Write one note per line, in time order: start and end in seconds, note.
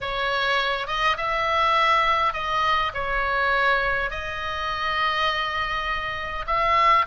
0.00 0.87 C#5
0.87 1.16 D#5
1.17 2.33 E5
2.33 2.91 D#5
2.94 4.10 C#5
4.10 6.45 D#5
6.47 7.05 E5